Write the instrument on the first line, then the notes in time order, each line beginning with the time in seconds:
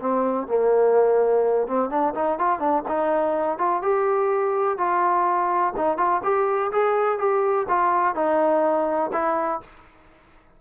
trombone
0.00 C4
0.47 A#3
1.68 C4
1.90 D4
2.15 D#4
2.39 F4
2.60 D4
2.88 D#4
3.58 F4
3.82 G4
4.78 F4
5.77 D#4
5.98 F4
6.24 G4
6.72 G#4
7.19 G4
7.69 F4
8.15 D#4
9.13 E4